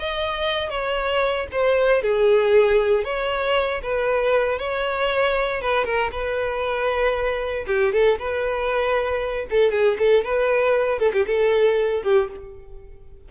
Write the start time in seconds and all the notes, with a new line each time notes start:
0.00 D#5
0.70 C#5
1.52 C5
2.03 G#4
3.05 C#5
3.83 B4
4.59 C#5
5.62 B4
5.85 A#4
6.12 B4
7.67 G4
7.93 A4
8.19 B4
9.51 A4
9.72 G#4
9.99 A4
10.25 B4
11.00 A4
11.13 G4
11.27 A4
12.03 G4